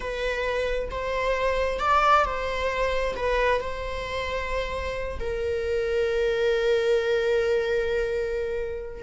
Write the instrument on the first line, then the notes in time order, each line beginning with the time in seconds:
viola
0.00 B4
0.90 C5
1.79 D5
2.24 C5
3.16 B4
3.60 C5
5.19 A#4